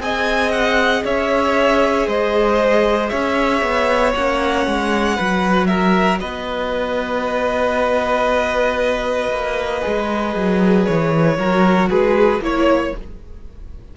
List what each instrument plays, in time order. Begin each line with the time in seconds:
0.00 cello C4, viola G#4, violin D#5 G#5
0.52 violin F#5
1.05 cello C#4, violin C#5 E5
2.08 cello G#3, violin C5 D#5
3.09 cello C#4, violin C#5 E5
3.62 cello B3
4.15 cello A#3, viola C#4, violin F#5
4.67 cello G#3
5.16 cello F#3, viola F#4, violin B4
5.67 violin A#4 E5
6.20 cello B3, violin B4 D#5
9.31 cello A#3
9.82 cello G#3, viola G#4
10.36 cello F#3
10.86 cello E3, violin C#5
11.38 cello F#3, viola F#4, violin A#4
11.90 cello G#3, violin G#4 B4
12.40 cello A#3, viola E4, violin C#5